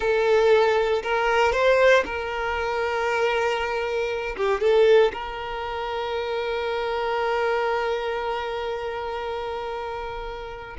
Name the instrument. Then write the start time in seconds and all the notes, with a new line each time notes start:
violin
0.00 A4
1.02 A#4
1.52 C5
2.05 A#4
4.36 G4
4.60 A4
5.12 A#4